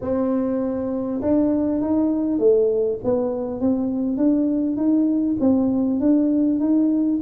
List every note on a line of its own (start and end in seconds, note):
0.01 1.21 C4
1.21 1.81 D4
1.81 2.38 D#4
2.38 2.98 A3
3.04 3.60 B3
3.60 4.17 C4
4.17 4.76 D4
4.76 5.36 D#4
5.40 6.00 C4
6.00 6.59 D4
6.59 7.19 D#4